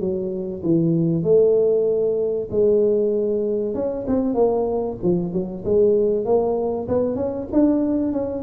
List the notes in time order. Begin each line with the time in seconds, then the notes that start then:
0.00 F#3
0.63 E3
1.23 A3
2.51 G#3
3.75 C#4
4.07 C4
4.35 A#3
5.03 F3
5.33 F#3
5.65 G#3
6.25 A#3
6.88 B3
7.16 C#4
7.53 D4
8.12 C#4